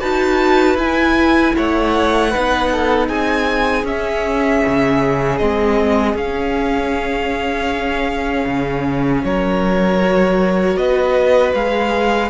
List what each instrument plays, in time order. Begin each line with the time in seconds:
0.00 cello D#4, viola F#4, violin B4 A5
0.75 cello E4, viola E4, violin G#5
1.57 cello A3, violin C#5 F#5
2.31 viola D#4, violin B4
2.37 cello B3
2.72 violin A4
3.08 cello C4, violin G#4 G#5
3.85 cello C#4, viola C#4, violin E5
4.67 cello C#3
5.38 cello G#3, viola C4, violin D#5
6.15 cello C#4, viola C#4, violin F5
8.46 cello C#3
9.25 cello F#3, violin A#4 C#5
10.02 viola F#4
10.77 cello B3, violin B4 D#5
11.54 cello G#3, viola G#4, violin F5